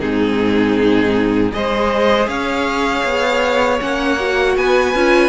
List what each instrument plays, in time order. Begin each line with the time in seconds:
0.00 cello G#2, viola C4, violin D#4 G#4
1.51 cello G#3, viola G#4, violin C5 D#5
2.27 cello C#4, violin C#5 F5
3.04 cello B3
3.80 cello A#3, viola C#4, violin F#5
4.19 viola F#4
4.56 cello B3, violin B4 G#5
4.94 cello C#4, viola F4